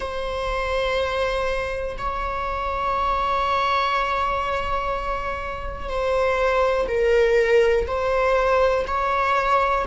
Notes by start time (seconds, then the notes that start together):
0.00 C5
1.98 C#5
5.88 C5
6.88 A#4
7.87 C5
8.87 C#5